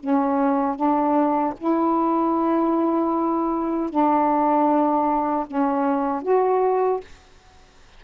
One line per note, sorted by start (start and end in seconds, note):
0.00 0.76 C#4
0.76 1.54 D4
1.58 3.90 E4
3.90 5.46 D4
5.47 6.23 C#4
6.23 7.01 F#4